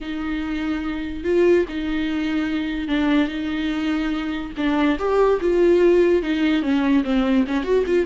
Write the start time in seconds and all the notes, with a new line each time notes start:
0.00 D#4
1.24 F4
1.68 D#4
2.88 D4
3.27 D#4
4.57 D4
4.98 G4
5.40 F4
6.22 D#4
6.62 C#4
7.04 C4
7.47 C#4
7.63 F#4
7.86 F4